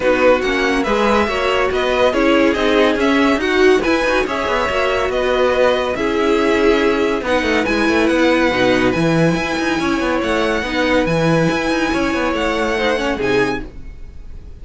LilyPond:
<<
  \new Staff \with { instrumentName = "violin" } { \time 4/4 \tempo 4 = 141 b'4 fis''4 e''2 | dis''4 cis''4 dis''4 e''4 | fis''4 gis''4 e''2 | dis''2 e''2~ |
e''4 fis''4 gis''4 fis''4~ | fis''4 gis''2. | fis''2 gis''2~ | gis''4 fis''2 gis''4 | }
  \new Staff \with { instrumentName = "violin" } { \time 4/4 fis'2 b'4 cis''4 | b'4 gis'2. | fis'4 b'4 cis''2 | b'2 gis'2~ |
gis'4 b'2.~ | b'2. cis''4~ | cis''4 b'2. | cis''2 c''8 cis''8 gis'4 | }
  \new Staff \with { instrumentName = "viola" } { \time 4/4 dis'4 cis'4 gis'4 fis'4~ | fis'4 e'4 dis'4 cis'4 | fis'4 e'8 fis'8 gis'4 fis'4~ | fis'2 e'2~ |
e'4 dis'4 e'2 | dis'4 e'2.~ | e'4 dis'4 e'2~ | e'2 dis'8 cis'8 dis'4 | }
  \new Staff \with { instrumentName = "cello" } { \time 4/4 b4 ais4 gis4 ais4 | b4 cis'4 c'4 cis'4 | dis'4 e'8 dis'8 cis'8 b8 ais4 | b2 cis'2~ |
cis'4 b8 a8 gis8 a8 b4 | b,4 e4 e'8 dis'8 cis'8 b8 | a4 b4 e4 e'8 dis'8 | cis'8 b8 a2 c4 | }
>>